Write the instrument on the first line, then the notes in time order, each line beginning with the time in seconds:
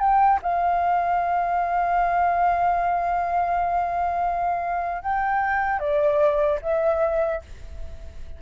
flute
0.00 G5
0.43 F5
5.03 G5
5.80 D5
6.62 E5